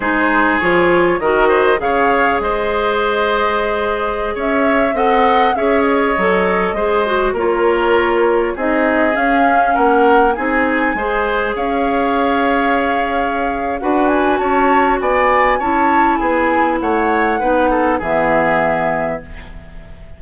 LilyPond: <<
  \new Staff \with { instrumentName = "flute" } { \time 4/4 \tempo 4 = 100 c''4 cis''4 dis''4 f''4 | dis''2.~ dis''16 e''8.~ | e''16 fis''4 e''8 dis''2~ dis''16~ | dis''16 cis''2 dis''4 f''8.~ |
f''16 fis''4 gis''2 f''8.~ | f''2. fis''8 gis''8 | a''4 gis''4 a''4 gis''4 | fis''2 e''2 | }
  \new Staff \with { instrumentName = "oboe" } { \time 4/4 gis'2 ais'8 c''8 cis''4 | c''2.~ c''16 cis''8.~ | cis''16 dis''4 cis''2 c''8.~ | c''16 ais'2 gis'4.~ gis'16~ |
gis'16 ais'4 gis'4 c''4 cis''8.~ | cis''2. b'4 | cis''4 d''4 cis''4 gis'4 | cis''4 b'8 a'8 gis'2 | }
  \new Staff \with { instrumentName = "clarinet" } { \time 4/4 dis'4 f'4 fis'4 gis'4~ | gis'1~ | gis'16 a'4 gis'4 a'4 gis'8 fis'16~ | fis'16 f'2 dis'4 cis'8.~ |
cis'4~ cis'16 dis'4 gis'4.~ gis'16~ | gis'2. fis'4~ | fis'2 e'2~ | e'4 dis'4 b2 | }
  \new Staff \with { instrumentName = "bassoon" } { \time 4/4 gis4 f4 dis4 cis4 | gis2.~ gis16 cis'8.~ | cis'16 c'4 cis'4 fis4 gis8.~ | gis16 ais2 c'4 cis'8.~ |
cis'16 ais4 c'4 gis4 cis'8.~ | cis'2. d'4 | cis'4 b4 cis'4 b4 | a4 b4 e2 | }
>>